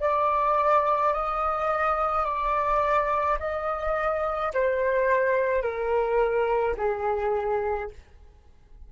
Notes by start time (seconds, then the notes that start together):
0.00 D5
1.13 D#5
2.25 D5
3.39 D#5
4.54 C5
5.62 A#4
6.77 G#4